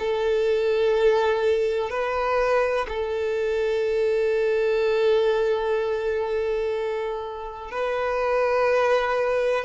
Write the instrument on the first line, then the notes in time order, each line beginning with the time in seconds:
violin
0.00 A4
1.90 B4
2.89 A4
7.72 B4